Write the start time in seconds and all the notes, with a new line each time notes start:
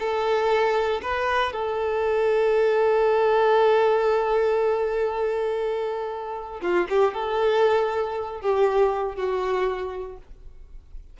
0.00 A4
1.03 B4
1.53 A4
6.62 F4
6.90 G4
7.14 A4
8.41 G4
9.16 F#4